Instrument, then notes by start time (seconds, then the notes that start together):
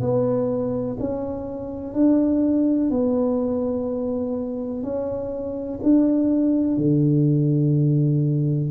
tuba
0.00 B3
0.99 C#4
1.94 D4
2.90 B3
4.83 C#4
5.82 D4
6.77 D3